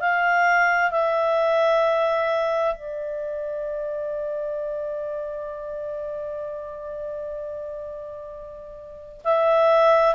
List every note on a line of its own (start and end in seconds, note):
0.00 0.91 F5
0.91 2.75 E5
2.75 9.21 D5
9.24 10.15 E5